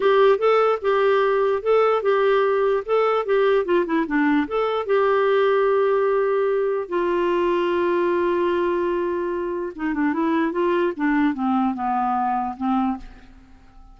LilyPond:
\new Staff \with { instrumentName = "clarinet" } { \time 4/4 \tempo 4 = 148 g'4 a'4 g'2 | a'4 g'2 a'4 | g'4 f'8 e'8 d'4 a'4 | g'1~ |
g'4 f'2.~ | f'1 | dis'8 d'8 e'4 f'4 d'4 | c'4 b2 c'4 | }